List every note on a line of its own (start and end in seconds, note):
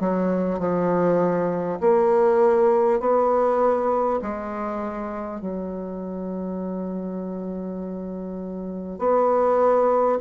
0.00 0.59 F#3
0.59 1.79 F3
1.81 3.01 A#3
3.01 4.21 B3
4.22 5.41 G#3
5.41 8.99 F#3
8.99 10.19 B3